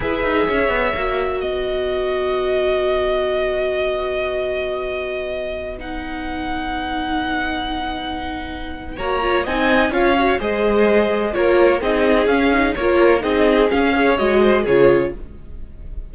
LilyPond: <<
  \new Staff \with { instrumentName = "violin" } { \time 4/4 \tempo 4 = 127 e''2. dis''4~ | dis''1~ | dis''1~ | dis''16 fis''2.~ fis''8.~ |
fis''2. ais''4 | gis''4 f''4 dis''2 | cis''4 dis''4 f''4 cis''4 | dis''4 f''4 dis''4 cis''4 | }
  \new Staff \with { instrumentName = "violin" } { \time 4/4 b'4 cis''2 b'4~ | b'1~ | b'1~ | b'1~ |
b'2. cis''4 | dis''4 cis''4 c''2 | ais'4 gis'2 ais'4 | gis'4. cis''4 c''8 gis'4 | }
  \new Staff \with { instrumentName = "viola" } { \time 4/4 gis'2 fis'2~ | fis'1~ | fis'1~ | fis'16 dis'2.~ dis'8.~ |
dis'2. fis'8 f'8 | dis'4 f'8 fis'8 gis'2 | f'4 dis'4 cis'8 dis'8 f'4 | dis'4 cis'8 gis'8 fis'4 f'4 | }
  \new Staff \with { instrumentName = "cello" } { \time 4/4 e'8 dis'8 cis'8 b8 ais4 b4~ | b1~ | b1~ | b1~ |
b2. ais4 | c'4 cis'4 gis2 | ais4 c'4 cis'4 ais4 | c'4 cis'4 gis4 cis4 | }
>>